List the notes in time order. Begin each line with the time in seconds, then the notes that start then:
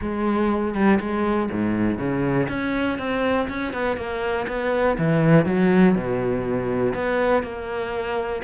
0.01 G#3
0.74 G3
1.00 G#3
1.51 G#2
1.98 C#3
2.49 C#4
2.98 C4
3.48 C#4
3.73 B3
3.97 A#3
4.47 B3
4.98 E3
5.45 F#3
5.95 B2
6.94 B3
7.42 A#3